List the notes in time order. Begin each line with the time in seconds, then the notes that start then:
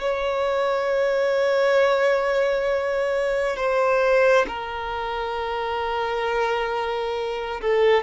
0.00 C#5
3.56 C5
4.47 A#4
7.61 A4